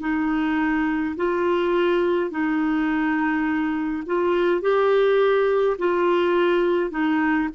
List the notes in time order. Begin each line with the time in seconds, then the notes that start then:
0.00 D#4
1.16 F4
2.30 D#4
4.06 F4
4.62 G4
5.78 F4
6.91 D#4